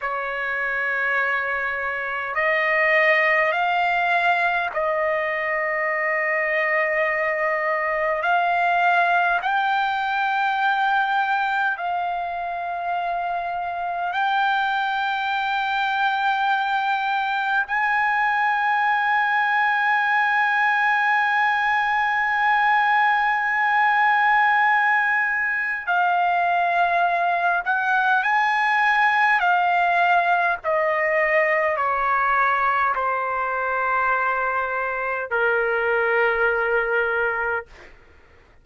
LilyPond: \new Staff \with { instrumentName = "trumpet" } { \time 4/4 \tempo 4 = 51 cis''2 dis''4 f''4 | dis''2. f''4 | g''2 f''2 | g''2. gis''4~ |
gis''1~ | gis''2 f''4. fis''8 | gis''4 f''4 dis''4 cis''4 | c''2 ais'2 | }